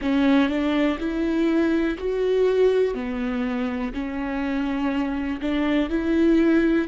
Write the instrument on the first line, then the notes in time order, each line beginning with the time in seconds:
viola
0.01 C#4
0.48 D4
0.98 E4
1.98 F#4
2.94 B3
3.93 C#4
5.41 D4
5.89 E4